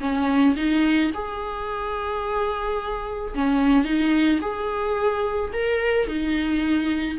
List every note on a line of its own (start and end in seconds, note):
0.00 0.55 C#4
0.56 1.11 D#4
1.14 3.34 G#4
3.34 3.84 C#4
3.84 4.39 D#4
4.41 5.51 G#4
5.53 6.07 A#4
6.07 7.17 D#4